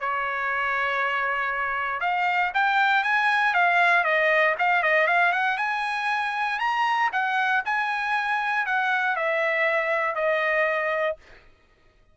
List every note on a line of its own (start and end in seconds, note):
0.00 2.01 C#5
2.01 2.51 F5
2.54 3.04 G5
3.04 3.54 G#5
3.54 4.04 F5
4.04 4.55 D#5
4.59 4.83 F5
4.83 5.07 D#5
5.07 5.32 F5
5.32 5.58 F#5
5.58 6.59 G#5
6.59 7.10 A#5
7.12 7.63 F#5
7.65 8.66 G#5
8.66 9.16 F#5
9.16 10.15 E5
10.15 11.17 D#5